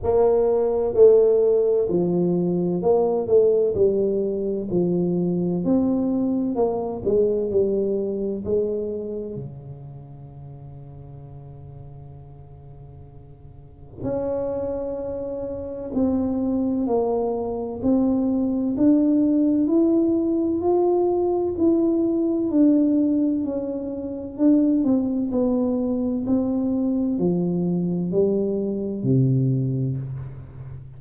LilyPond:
\new Staff \with { instrumentName = "tuba" } { \time 4/4 \tempo 4 = 64 ais4 a4 f4 ais8 a8 | g4 f4 c'4 ais8 gis8 | g4 gis4 cis2~ | cis2. cis'4~ |
cis'4 c'4 ais4 c'4 | d'4 e'4 f'4 e'4 | d'4 cis'4 d'8 c'8 b4 | c'4 f4 g4 c4 | }